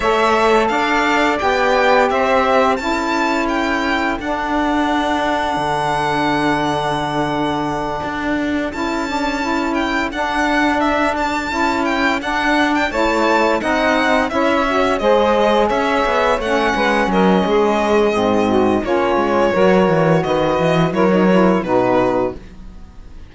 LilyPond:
<<
  \new Staff \with { instrumentName = "violin" } { \time 4/4 \tempo 4 = 86 e''4 f''4 g''4 e''4 | a''4 g''4 fis''2~ | fis''1~ | fis''8 a''4. g''8 fis''4 e''8 |
a''4 g''8 fis''8. g''16 a''4 fis''8~ | fis''8 e''4 dis''4 e''4 fis''8~ | fis''8 dis''2~ dis''8 cis''4~ | cis''4 dis''4 cis''4 b'4 | }
  \new Staff \with { instrumentName = "saxophone" } { \time 4/4 cis''4 d''2 c''4 | a'1~ | a'1~ | a'1~ |
a'2~ a'8 cis''4 dis''8~ | dis''8 cis''4 c''4 cis''4. | b'8 ais'8 gis'4. fis'8 f'4 | ais'4 b'4 ais'4 fis'4 | }
  \new Staff \with { instrumentName = "saxophone" } { \time 4/4 a'2 g'2 | e'2 d'2~ | d'1~ | d'8 e'8 d'8 e'4 d'4.~ |
d'8 e'4 d'4 e'4 dis'8~ | dis'8 e'8 fis'8 gis'2 cis'8~ | cis'2 c'4 cis'4 | fis'2 e'16 dis'16 e'8 dis'4 | }
  \new Staff \with { instrumentName = "cello" } { \time 4/4 a4 d'4 b4 c'4 | cis'2 d'2 | d2.~ d8 d'8~ | d'8 cis'2 d'4.~ |
d'8 cis'4 d'4 a4 c'8~ | c'8 cis'4 gis4 cis'8 b8 a8 | gis8 fis8 gis4 gis,4 ais8 gis8 | fis8 e8 dis8 e8 fis4 b,4 | }
>>